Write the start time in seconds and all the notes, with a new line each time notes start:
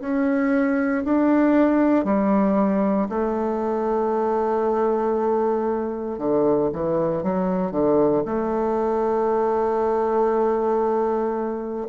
0.00 C#4
1.04 D4
2.05 G3
3.09 A3
6.18 D3
6.72 E3
7.23 F#3
7.71 D3
8.25 A3